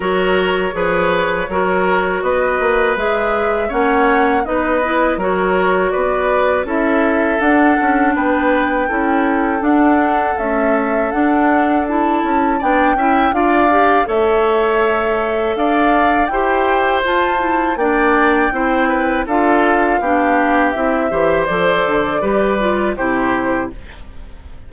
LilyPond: <<
  \new Staff \with { instrumentName = "flute" } { \time 4/4 \tempo 4 = 81 cis''2. dis''4 | e''4 fis''4 dis''4 cis''4 | d''4 e''4 fis''4 g''4~ | g''4 fis''4 e''4 fis''4 |
a''4 g''4 f''4 e''4~ | e''4 f''4 g''4 a''4 | g''2 f''2 | e''4 d''2 c''4 | }
  \new Staff \with { instrumentName = "oboe" } { \time 4/4 ais'4 b'4 ais'4 b'4~ | b'4 cis''4 b'4 ais'4 | b'4 a'2 b'4 | a'1~ |
a'4 d''8 e''8 d''4 cis''4~ | cis''4 d''4 c''2 | d''4 c''8 b'8 a'4 g'4~ | g'8 c''4. b'4 g'4 | }
  \new Staff \with { instrumentName = "clarinet" } { \time 4/4 fis'4 gis'4 fis'2 | gis'4 cis'4 dis'8 e'8 fis'4~ | fis'4 e'4 d'2 | e'4 d'4 a4 d'4 |
e'4 d'8 e'8 f'8 g'8 a'4~ | a'2 g'4 f'8 e'8 | d'4 e'4 f'4 d'4 | e'8 g'8 a'4 g'8 f'8 e'4 | }
  \new Staff \with { instrumentName = "bassoon" } { \time 4/4 fis4 f4 fis4 b8 ais8 | gis4 ais4 b4 fis4 | b4 cis'4 d'8 cis'8 b4 | cis'4 d'4 cis'4 d'4~ |
d'8 cis'8 b8 cis'8 d'4 a4~ | a4 d'4 e'4 f'4 | ais4 c'4 d'4 b4 | c'8 e8 f8 d8 g4 c4 | }
>>